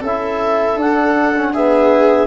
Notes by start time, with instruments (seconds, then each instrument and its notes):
0.00 tuba C#4, trombone E4, viola A4, clarinet E5
0.75 tuba D4, trombone D4, clarinet F#5
1.35 trombone C#4
1.53 trombone B3, viola G#4, clarinet E5